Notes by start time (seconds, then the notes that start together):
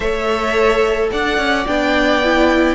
0.00 A3 A4 C#5 E5
1.11 D4 D5 F#5
1.37 C#4
1.66 B3 D4 G5
2.24 E4